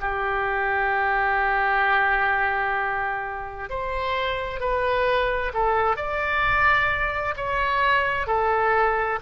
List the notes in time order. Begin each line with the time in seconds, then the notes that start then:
0.00 G4
3.69 C5
4.59 B4
5.53 A4
5.96 D5
7.36 C#5
8.27 A4